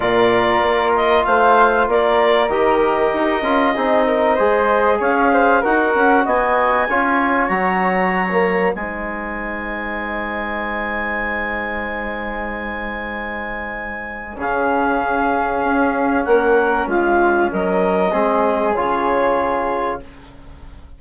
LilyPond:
<<
  \new Staff \with { instrumentName = "clarinet" } { \time 4/4 \tempo 4 = 96 d''4. dis''8 f''4 d''4 | dis''1 | f''4 fis''4 gis''2 | ais''2 gis''2~ |
gis''1~ | gis''2. f''4~ | f''2 fis''4 f''4 | dis''2 cis''2 | }
  \new Staff \with { instrumentName = "flute" } { \time 4/4 ais'2 c''4 ais'4~ | ais'2 gis'8 ais'8 c''4 | cis''8 c''8 ais'4 dis''4 cis''4~ | cis''2 c''2~ |
c''1~ | c''2. gis'4~ | gis'2 ais'4 f'4 | ais'4 gis'2. | }
  \new Staff \with { instrumentName = "trombone" } { \time 4/4 f'1 | g'4. f'8 dis'4 gis'4~ | gis'4 fis'2 f'4 | fis'4~ fis'16 ais8. dis'2~ |
dis'1~ | dis'2. cis'4~ | cis'1~ | cis'4 c'4 f'2 | }
  \new Staff \with { instrumentName = "bassoon" } { \time 4/4 ais,4 ais4 a4 ais4 | dis4 dis'8 cis'8 c'4 gis4 | cis'4 dis'8 cis'8 b4 cis'4 | fis2 gis2~ |
gis1~ | gis2. cis4~ | cis4 cis'4 ais4 gis4 | fis4 gis4 cis2 | }
>>